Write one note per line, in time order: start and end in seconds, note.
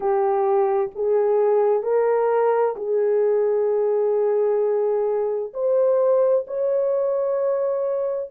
0.00 0.90 G4
0.95 1.83 G#4
1.83 2.75 A#4
2.76 5.53 G#4
5.53 6.45 C5
6.47 8.30 C#5